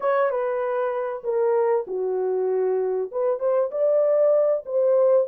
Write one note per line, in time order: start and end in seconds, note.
0.00 0.30 C#5
0.30 1.23 B4
1.23 1.85 A#4
1.87 3.10 F#4
3.11 3.39 B4
3.39 3.70 C5
3.71 4.63 D5
4.65 5.27 C5